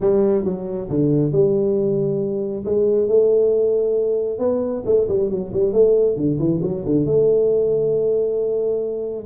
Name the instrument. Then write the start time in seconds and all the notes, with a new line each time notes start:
tuba
0.00 G3
0.44 F#3
0.89 D3
1.32 G3
2.65 G#3
3.08 A3
4.39 B3
4.85 A3
5.08 G3
5.30 F#3
5.53 G3
5.72 A3
6.16 D3
6.39 E3
6.62 F#3
6.85 D3
7.05 A3